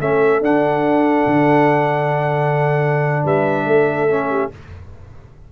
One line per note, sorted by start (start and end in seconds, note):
0.00 0.41 A3
0.00 0.42 C#4
0.00 3.24 A4
0.00 0.43 E5
0.41 1.25 D4
0.41 4.09 D4
0.41 3.26 F#5
1.26 3.25 D3
3.24 3.66 G3
3.24 3.66 B4
3.24 4.52 E5
3.66 4.50 A3
3.66 4.30 A4
4.09 4.51 C#4
4.30 4.51 G4